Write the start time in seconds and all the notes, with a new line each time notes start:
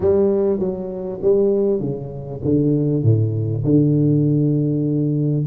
0.00 G3
0.59 F#3
1.22 G3
1.80 C#3
2.44 D3
3.03 A2
3.64 D3